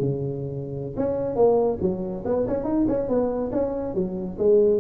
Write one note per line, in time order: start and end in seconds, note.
0.00 0.96 C#3
0.97 1.36 C#4
1.36 1.78 A#3
1.81 2.24 F#3
2.25 2.46 B3
2.48 2.64 C#4
2.64 2.85 D#4
2.88 3.08 C#4
3.08 3.51 B3
3.52 3.94 C#4
3.95 4.37 F#3
4.39 4.80 G#3